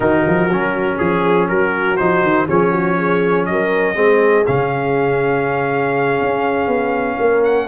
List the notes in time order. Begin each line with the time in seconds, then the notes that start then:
0.00 D#3 D#4 F#4 A#4
0.27 F3
0.48 F#3 C#4
0.96 F3 G#4
1.48 F#3 F#4 A#4
1.97 F3 D#4 C5
2.22 D#3
2.47 F3 C#4 G#4 C#5
2.71 F#4
2.97 G#4
3.45 F#3 A#4 D#5
3.94 G#3 C4 G#4
4.46 C#3 C#4 F5
6.21 C#4
6.67 B3
7.18 A#3 A#4
7.44 F#5